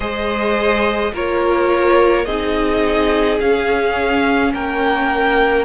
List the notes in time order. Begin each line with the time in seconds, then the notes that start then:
0.00 G#3 G#4 C5 D#5
1.12 A#3 F4 A#4 C#5
2.25 C4 D#4 G#4 D#5
3.40 C#4 F5
4.53 A#3 A#4 G5